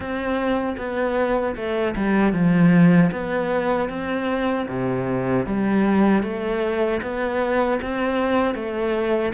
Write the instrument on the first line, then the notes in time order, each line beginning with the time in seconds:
cello
0.00 C4
0.77 B3
1.55 A3
1.96 G3
2.32 F3
3.11 B3
3.89 C4
4.68 C3
5.45 G3
6.23 A3
7.02 B3
7.81 C4
8.54 A3